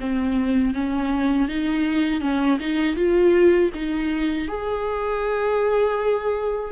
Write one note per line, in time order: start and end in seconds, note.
0.00 0.74 C4
0.74 1.49 C#4
1.49 2.21 D#4
2.21 2.58 C#4
2.60 2.96 D#4
2.96 3.71 F4
3.74 4.48 D#4
4.48 6.72 G#4